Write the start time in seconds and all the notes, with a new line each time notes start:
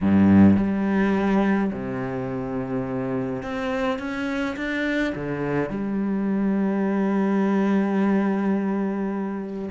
0.01 G2
0.56 G3
1.72 C3
3.43 C4
3.98 C#4
4.56 D4
5.15 D3
5.69 G3